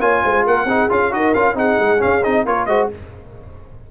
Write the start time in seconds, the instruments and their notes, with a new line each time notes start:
0.00 tuba A#3, trombone F4, horn C#5, trumpet G#5
0.24 tuba G#3, horn C5
0.46 tuba A#3, horn A#4, trumpet F#5
0.65 tuba C4, trombone D#4, horn G#4
0.90 tuba C#4, trombone F4, trumpet F5
1.12 tuba D#4, trombone F#4, horn A#4, trumpet D#5
1.34 tuba C#4, trombone F4, trumpet F5
1.55 tuba C4, trombone D#4, horn G#4, trumpet F#5
1.80 tuba G#3
1.99 trombone C#4, trumpet F5
2.05 tuba C#4
2.24 tuba C4, trombone D#4, trumpet D#5
2.46 tuba A#3, trombone F4, horn A#4, trumpet C#5
2.66 tuba G#3, trombone F#4, horn C5, trumpet D#5